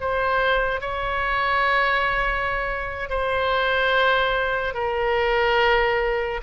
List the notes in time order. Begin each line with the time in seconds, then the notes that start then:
0.00 C5
0.81 C#5
3.09 C5
4.73 A#4